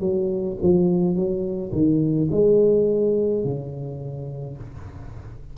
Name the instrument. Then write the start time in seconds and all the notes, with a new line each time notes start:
tuba
0.00 F#3
0.62 F3
1.15 F#3
1.72 D#3
2.31 G#3
3.44 C#3